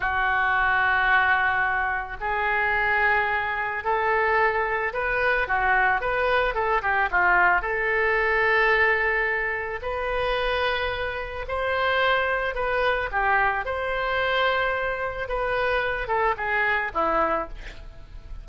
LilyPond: \new Staff \with { instrumentName = "oboe" } { \time 4/4 \tempo 4 = 110 fis'1 | gis'2. a'4~ | a'4 b'4 fis'4 b'4 | a'8 g'8 f'4 a'2~ |
a'2 b'2~ | b'4 c''2 b'4 | g'4 c''2. | b'4. a'8 gis'4 e'4 | }